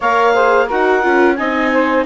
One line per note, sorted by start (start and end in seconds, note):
0.00 0.70 A#3
0.00 0.33 A#4
0.00 0.34 C#5
0.00 0.70 F5
0.33 0.68 G#4
0.33 0.66 C5
0.66 1.05 D#4
0.66 1.02 F#4
0.66 1.34 A#4
0.66 1.35 F#5
1.02 1.39 C#4
1.02 1.36 F4
1.35 2.05 C4
1.35 2.05 D#4
1.35 1.71 D#5
1.35 2.04 G#5
1.71 2.05 C5